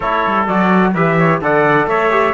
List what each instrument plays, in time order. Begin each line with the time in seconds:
0.00 cello A3, trombone E4, trumpet A4 C#5
0.26 cello G3
0.47 cello F#3, trombone F#4, trumpet D5
0.94 cello E3, trombone G4, trumpet B4 E5
1.18 trumpet C#5
1.41 cello D3, trombone A4, trumpet D5 F#5
1.86 cello A3, trumpet C#5 E5
2.10 trombone G4